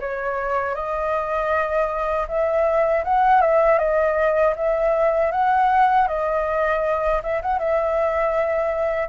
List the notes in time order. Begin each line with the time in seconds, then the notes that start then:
0.00 C#5
0.75 D#5
2.28 E5
3.05 F#5
3.42 E5
3.79 D#5
4.56 E5
5.32 F#5
6.08 D#5
7.23 E5
7.42 F#5
7.59 E5